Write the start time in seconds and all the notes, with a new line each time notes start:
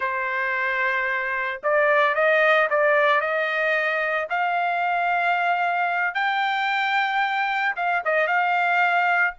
0.00 C5
1.63 D5
2.15 D#5
2.70 D5
3.20 D#5
4.29 F5
6.14 G5
7.75 F5
8.04 D#5
8.27 F5